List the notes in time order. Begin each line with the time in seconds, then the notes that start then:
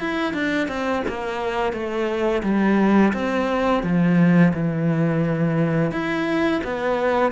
0.00 E4
0.34 D4
0.68 C4
1.08 A#3
1.73 A3
2.43 G3
3.14 C4
3.83 F3
4.54 E3
5.92 E4
6.64 B3